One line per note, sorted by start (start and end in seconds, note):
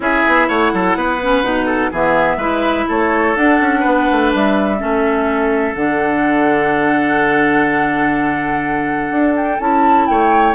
0.00 0.23 C#4
0.00 1.19 E4
0.00 0.48 G#4
0.00 0.48 E5
0.26 0.48 B3
0.48 0.72 A3
0.48 0.71 C#5
0.48 1.92 F#5
0.73 0.95 F#3
0.73 0.97 A4
0.95 1.42 B3
0.95 1.65 B4
1.22 1.43 C#4
1.42 1.90 B2
1.42 1.91 D#4
1.65 1.89 A4
1.91 2.37 E3
1.91 2.40 B3
1.91 2.37 G#4
1.91 2.89 E5
2.37 2.85 G#3
2.37 3.36 E4
2.37 2.85 B4
2.88 3.36 A3
2.88 3.79 A4
2.88 3.36 C#5
3.36 3.60 D4
3.36 4.78 D4
3.36 4.32 F#5
3.60 3.84 C#4
3.79 4.09 B3
3.79 4.75 B4
4.11 4.34 A3
4.34 4.82 G3
4.34 5.75 E5
4.78 5.74 A3
4.78 5.74 C#4
4.78 10.07 A4
5.74 9.10 D3
5.74 9.59 D4
5.74 9.35 F#5
9.10 9.58 D4
9.36 9.60 G5
9.59 10.07 C#4
9.59 10.55 E4
9.59 10.07 A5
10.07 10.55 A3
10.07 10.55 C#5
10.07 10.55 G5